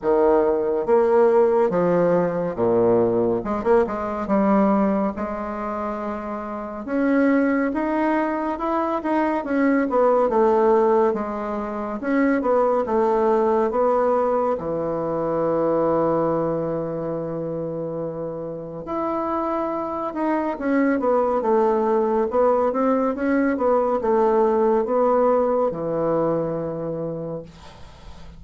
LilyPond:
\new Staff \with { instrumentName = "bassoon" } { \time 4/4 \tempo 4 = 70 dis4 ais4 f4 ais,4 | gis16 ais16 gis8 g4 gis2 | cis'4 dis'4 e'8 dis'8 cis'8 b8 | a4 gis4 cis'8 b8 a4 |
b4 e2.~ | e2 e'4. dis'8 | cis'8 b8 a4 b8 c'8 cis'8 b8 | a4 b4 e2 | }